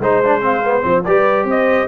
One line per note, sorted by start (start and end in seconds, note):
0.00 0.83 G#3
0.00 0.24 D#4
0.00 0.44 C5
0.00 1.05 C5
0.25 0.42 D4
0.42 0.62 C4
0.42 0.82 F5
0.66 0.83 B3
0.82 1.06 F3
0.82 1.03 C4
0.82 1.03 C5
1.05 1.45 G3
1.05 1.88 G4
1.05 1.49 B4
1.05 1.46 D5
1.45 1.86 C4
1.45 1.88 C5
1.51 1.88 D#5